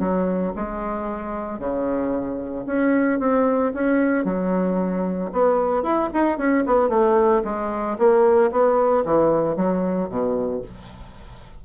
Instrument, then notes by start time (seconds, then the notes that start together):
bassoon
0.00 F#3
0.56 G#3
1.59 C#3
2.67 C#4
3.20 C4
3.74 C#4
4.25 F#3
5.33 B3
5.83 E4
6.14 D#4
6.38 C#4
6.67 B3
6.89 A3
7.45 G#3
7.98 A#3
8.52 B3
9.05 E3
9.56 F#3
10.09 B2